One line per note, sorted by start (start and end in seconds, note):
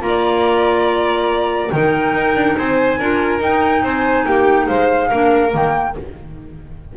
0.00 1.70 A#3
0.00 1.69 F4
0.00 1.71 A#5
0.07 1.72 D5
1.71 2.14 D#3
1.71 2.98 D#4
1.71 2.56 A#4
1.71 2.55 G5
2.14 2.35 D#4
2.35 2.56 D4
2.55 2.99 C4
2.55 2.98 C5
2.55 3.40 G#5
2.98 3.40 D4
2.98 3.41 F4
2.98 3.82 A#4
3.40 3.82 D#4
3.40 5.10 D#4
3.40 3.85 G5
3.83 4.25 C4
3.83 4.25 C5
3.83 4.27 G#5
4.26 4.68 A#3
4.26 4.68 G4
4.26 4.67 G5
4.67 5.11 G#3
4.67 5.08 C5
4.67 5.52 F5
5.08 5.54 A#3
5.08 5.50 D4
5.08 5.93 A#4
5.50 5.96 D#3
5.50 5.92 A#3
5.50 5.97 G5